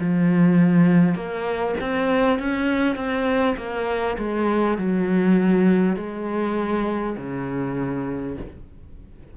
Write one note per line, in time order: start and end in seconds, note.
0.00 1.16 F3
1.16 1.76 A#3
1.81 2.39 C4
2.39 2.96 C#4
2.96 3.56 C4
3.58 4.18 A#3
4.18 4.78 G#3
4.78 5.97 F#3
5.97 7.17 G#3
7.17 8.37 C#3